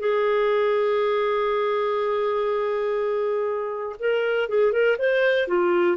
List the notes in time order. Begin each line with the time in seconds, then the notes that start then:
0.00 G#4
4.00 A#4
4.49 G#4
4.73 A#4
4.99 C5
5.48 F4